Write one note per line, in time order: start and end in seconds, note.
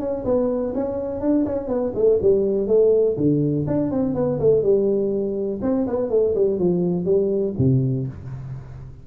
0.00 0.24 C#4
0.25 0.73 B3
0.75 1.21 C#4
1.21 1.45 D4
1.46 1.68 C#4
1.68 1.92 B3
1.94 2.19 A3
2.22 2.67 G3
2.67 3.16 A3
3.17 3.66 D3
3.67 3.91 D4
3.91 4.15 C4
4.15 4.39 B3
4.39 4.62 A3
4.62 5.60 G3
5.62 5.86 C4
5.87 6.10 B3
6.10 6.34 A3
6.35 6.59 G3
6.59 7.05 F3
7.05 7.54 G3
7.58 8.07 C3